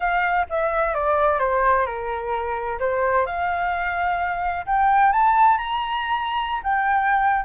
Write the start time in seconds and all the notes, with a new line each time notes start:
0.00 F5
0.49 E5
0.94 D5
1.39 C5
1.86 A#4
2.79 C5
3.26 F5
4.66 G5
5.12 A5
5.57 A#5
6.63 G5